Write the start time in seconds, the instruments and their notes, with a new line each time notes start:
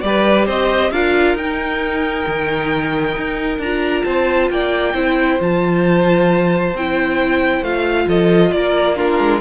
0.00 cello G3, viola G4, violin B4 D5
0.46 cello C4, violin C5 D#5
0.91 cello D4, viola F4, violin A#4 F5
1.34 cello D#4, viola D#4, violin G5
2.26 cello D#3
3.16 cello D#4
3.58 cello D4, viola F4, violin A#5
4.03 cello C4, violin C5 A5
4.50 cello A#3, violin D5 G5
4.94 cello C4, viola E4, violin C5
5.39 cello F3, viola F4, violin A5
6.74 cello C4, viola E4, violin G5
7.61 cello A3, viola F4, violin F5
8.06 cello F3, violin A4 D#5
8.51 cello A#3, violin A#4 D5
8.96 viola D4, violin F4 A#4
9.19 cello G#3